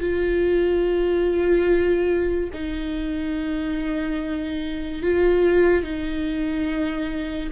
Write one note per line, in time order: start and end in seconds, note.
0.00 2.50 F4
2.52 5.02 D#4
5.02 5.83 F4
5.83 7.50 D#4